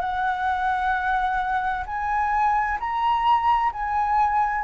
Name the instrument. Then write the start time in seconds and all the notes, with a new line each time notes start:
flute
0.00 F#5
1.86 G#5
2.80 A#5
3.73 G#5